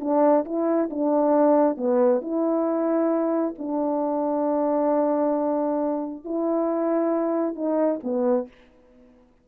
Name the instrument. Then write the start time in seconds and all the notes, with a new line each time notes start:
horn
0.00 D4
0.45 E4
0.90 D4
1.77 B3
2.21 E4
3.58 D4
6.24 E4
7.55 D#4
8.03 B3